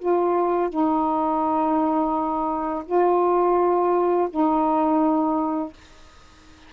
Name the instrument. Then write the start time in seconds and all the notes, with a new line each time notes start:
saxophone
0.00 F4
0.69 D#4
2.86 F4
4.30 D#4